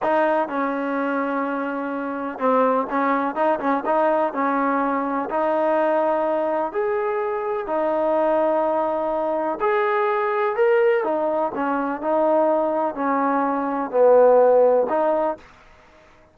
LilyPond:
\new Staff \with { instrumentName = "trombone" } { \time 4/4 \tempo 4 = 125 dis'4 cis'2.~ | cis'4 c'4 cis'4 dis'8 cis'8 | dis'4 cis'2 dis'4~ | dis'2 gis'2 |
dis'1 | gis'2 ais'4 dis'4 | cis'4 dis'2 cis'4~ | cis'4 b2 dis'4 | }